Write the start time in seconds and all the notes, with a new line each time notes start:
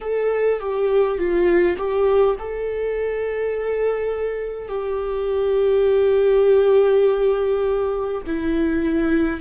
0.00 A4
0.59 G4
1.18 F4
1.76 G4
2.39 A4
4.68 G4
8.26 E4